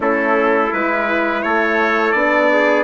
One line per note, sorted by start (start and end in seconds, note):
0.00 0.70 A3
0.00 0.70 C#4
0.00 1.43 E4
0.00 0.73 A4
0.73 1.44 G#3
0.73 2.14 E4
0.73 1.42 B4
1.42 2.13 A3
1.42 2.51 A4
1.42 2.12 C#5
2.12 2.84 B3
2.12 2.84 D4
2.12 2.83 D5
2.52 2.84 G#4